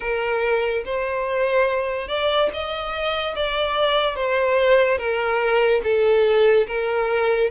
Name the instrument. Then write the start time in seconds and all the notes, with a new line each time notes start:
violin
0.00 A#4
0.85 C5
2.08 D5
2.53 D#5
3.35 D5
4.15 C5
4.98 A#4
5.83 A4
6.67 A#4